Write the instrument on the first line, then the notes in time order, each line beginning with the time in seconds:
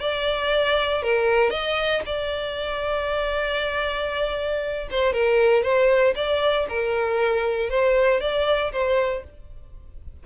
violin
0.00 D5
1.02 A#4
1.50 D#5
2.06 D5
4.90 C5
5.13 A#4
5.63 C5
6.15 D5
6.69 A#4
7.69 C5
8.21 D5
8.72 C5